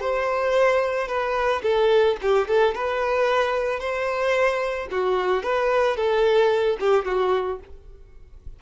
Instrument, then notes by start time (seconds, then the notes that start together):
violin
0.00 C5
1.07 B4
1.62 A4
2.21 G4
2.47 A4
2.74 B4
3.80 C5
4.90 F#4
5.43 B4
5.96 A4
6.79 G4
7.05 F#4